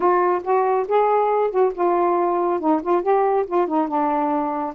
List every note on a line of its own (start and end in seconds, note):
0.00 0.42 F4
0.43 0.86 F#4
0.88 1.50 G#4
1.50 1.72 F#4
1.74 2.60 F4
2.60 2.81 D#4
2.82 3.02 F4
3.02 3.45 G4
3.46 3.67 F4
3.67 3.88 D#4
3.88 4.74 D4